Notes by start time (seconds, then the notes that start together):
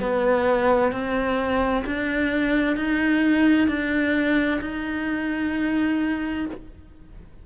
0.00 B3
0.92 C4
1.86 D4
2.77 D#4
3.68 D4
4.61 D#4